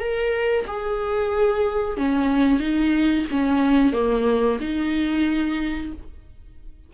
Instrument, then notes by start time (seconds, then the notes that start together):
viola
0.00 A#4
0.67 G#4
1.98 C#4
2.60 D#4
3.31 C#4
3.93 A#3
4.61 D#4